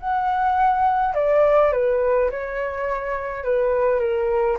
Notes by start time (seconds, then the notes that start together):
0.00 F#5
1.15 D5
1.73 B4
2.31 C#5
3.44 B4
3.99 A#4